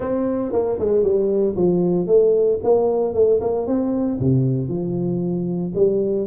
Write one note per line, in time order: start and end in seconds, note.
0.00 0.52 C4
0.52 0.78 A#3
0.79 1.03 G#3
1.03 1.55 G3
1.56 2.07 F3
2.07 2.59 A3
2.63 3.14 A#3
3.14 3.40 A3
3.40 3.66 A#3
3.66 4.19 C4
4.19 4.68 C3
4.68 5.72 F3
5.74 6.27 G3